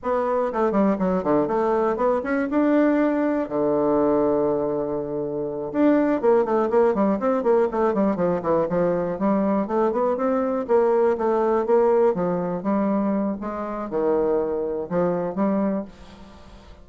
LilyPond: \new Staff \with { instrumentName = "bassoon" } { \time 4/4 \tempo 4 = 121 b4 a8 g8 fis8 d8 a4 | b8 cis'8 d'2 d4~ | d2.~ d8 d'8~ | d'8 ais8 a8 ais8 g8 c'8 ais8 a8 |
g8 f8 e8 f4 g4 a8 | b8 c'4 ais4 a4 ais8~ | ais8 f4 g4. gis4 | dis2 f4 g4 | }